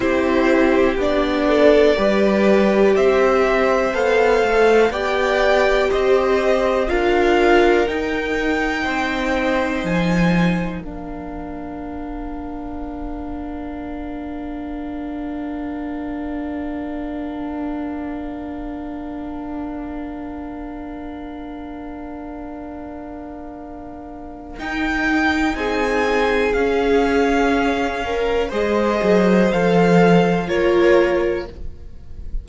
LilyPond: <<
  \new Staff \with { instrumentName = "violin" } { \time 4/4 \tempo 4 = 61 c''4 d''2 e''4 | f''4 g''4 dis''4 f''4 | g''2 gis''4 f''4~ | f''1~ |
f''1~ | f''1~ | f''4 g''4 gis''4 f''4~ | f''4 dis''4 f''4 cis''4 | }
  \new Staff \with { instrumentName = "violin" } { \time 4/4 g'4. a'8 b'4 c''4~ | c''4 d''4 c''4 ais'4~ | ais'4 c''2 ais'4~ | ais'1~ |
ais'1~ | ais'1~ | ais'2 gis'2~ | gis'8 ais'8 c''2 ais'4 | }
  \new Staff \with { instrumentName = "viola" } { \time 4/4 e'4 d'4 g'2 | a'4 g'2 f'4 | dis'2. d'4~ | d'1~ |
d'1~ | d'1~ | d'4 dis'2 cis'4~ | cis'4 gis'4 a'4 f'4 | }
  \new Staff \with { instrumentName = "cello" } { \time 4/4 c'4 b4 g4 c'4 | b8 a8 b4 c'4 d'4 | dis'4 c'4 f4 ais4~ | ais1~ |
ais1~ | ais1~ | ais4 dis'4 c'4 cis'4~ | cis'4 gis8 fis8 f4 ais4 | }
>>